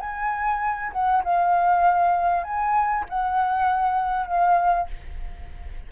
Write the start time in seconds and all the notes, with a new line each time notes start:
0.00 G#5
0.92 F#5
1.24 F5
2.44 G#5
3.09 F#5
4.27 F5